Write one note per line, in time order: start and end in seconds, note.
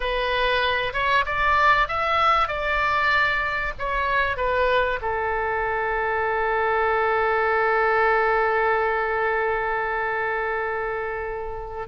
0.00 0.93 B4
0.93 1.24 C#5
1.25 1.88 D5
1.88 2.48 E5
2.48 3.73 D5
3.78 4.37 C#5
4.37 4.99 B4
5.01 11.87 A4